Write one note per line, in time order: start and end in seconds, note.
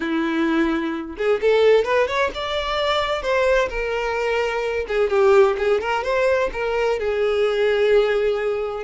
0.00 1.16 E4
1.17 1.40 G#4
1.41 1.84 A4
1.84 2.07 B4
2.07 2.30 C#5
2.34 3.22 D5
3.22 3.68 C5
3.69 4.86 A#4
4.87 5.09 G#4
5.09 5.56 G4
5.58 5.81 G#4
5.81 6.03 A#4
6.03 6.49 C5
6.52 6.99 A#4
6.99 8.84 G#4